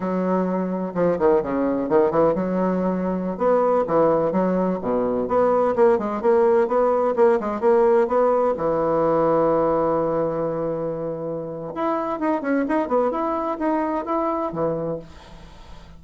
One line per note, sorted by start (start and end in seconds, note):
0.00 0.93 F#3
0.94 1.18 F3
1.18 1.42 D#3
1.42 1.89 C#3
1.89 2.10 D#3
2.10 2.34 E3
2.34 3.37 F#3
3.37 3.84 B3
3.87 4.31 E3
4.31 4.78 F#3
4.81 5.27 B2
5.27 5.74 B3
5.75 5.98 A#3
5.98 6.21 G#3
6.21 6.67 A#3
6.67 7.14 B3
7.15 7.39 A#3
7.40 7.60 G#3
7.60 8.07 A#3
8.07 8.54 B3
8.57 11.73 E3
11.74 12.19 E4
12.19 12.41 D#4
12.41 12.65 C#4
12.68 12.88 D#4
12.88 13.11 B3
13.11 13.58 E4
13.58 14.05 D#4
14.05 14.52 E4
14.52 14.99 E3